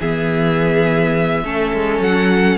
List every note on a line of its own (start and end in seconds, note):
0.00 1.44 E3
0.00 1.45 B3
0.00 1.44 G#4
0.00 2.02 E5
1.44 1.73 A3
1.44 2.58 C#4
1.44 2.58 A4
1.74 2.00 G#3
2.00 2.58 F#3
2.00 2.58 F#5